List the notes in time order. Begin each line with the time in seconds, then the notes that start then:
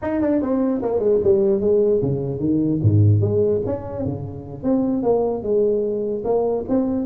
0.01 D#4
0.21 D4
0.41 C4
0.82 A#3
0.99 G#3
1.23 G3
1.60 G#3
2.01 C#3
2.39 D#3
2.82 G#2
3.21 G#3
3.66 C#4
4.05 C#3
4.63 C4
5.02 A#3
5.43 G#3
6.24 A#3
6.68 C4